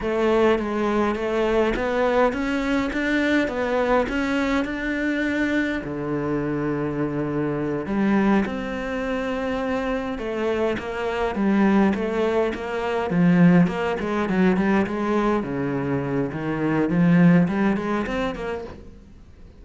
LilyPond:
\new Staff \with { instrumentName = "cello" } { \time 4/4 \tempo 4 = 103 a4 gis4 a4 b4 | cis'4 d'4 b4 cis'4 | d'2 d2~ | d4. g4 c'4.~ |
c'4. a4 ais4 g8~ | g8 a4 ais4 f4 ais8 | gis8 fis8 g8 gis4 cis4. | dis4 f4 g8 gis8 c'8 ais8 | }